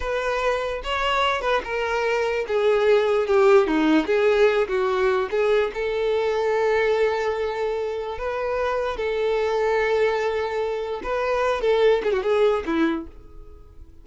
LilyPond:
\new Staff \with { instrumentName = "violin" } { \time 4/4 \tempo 4 = 147 b'2 cis''4. b'8 | ais'2 gis'2 | g'4 dis'4 gis'4. fis'8~ | fis'4 gis'4 a'2~ |
a'1 | b'2 a'2~ | a'2. b'4~ | b'8 a'4 gis'16 fis'16 gis'4 e'4 | }